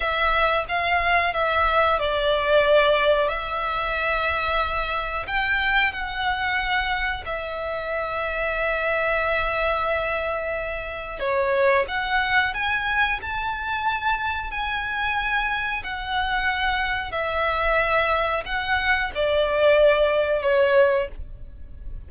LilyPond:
\new Staff \with { instrumentName = "violin" } { \time 4/4 \tempo 4 = 91 e''4 f''4 e''4 d''4~ | d''4 e''2. | g''4 fis''2 e''4~ | e''1~ |
e''4 cis''4 fis''4 gis''4 | a''2 gis''2 | fis''2 e''2 | fis''4 d''2 cis''4 | }